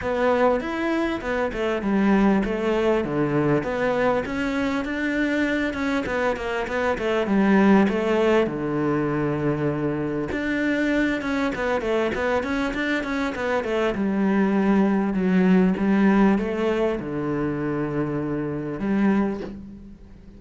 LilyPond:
\new Staff \with { instrumentName = "cello" } { \time 4/4 \tempo 4 = 99 b4 e'4 b8 a8 g4 | a4 d4 b4 cis'4 | d'4. cis'8 b8 ais8 b8 a8 | g4 a4 d2~ |
d4 d'4. cis'8 b8 a8 | b8 cis'8 d'8 cis'8 b8 a8 g4~ | g4 fis4 g4 a4 | d2. g4 | }